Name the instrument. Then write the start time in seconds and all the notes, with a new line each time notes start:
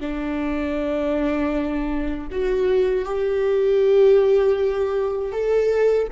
viola
0.00 D4
2.31 F#4
3.05 G4
5.32 A4